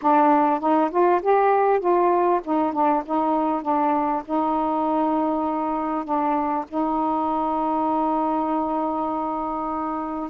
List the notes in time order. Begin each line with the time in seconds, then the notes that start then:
0.02 D4
0.60 D#4
0.90 F4
1.22 G4
1.80 F4
2.44 D#4
2.72 D4
3.05 D#4
3.62 D4
4.25 D#4
6.04 D4
6.68 D#4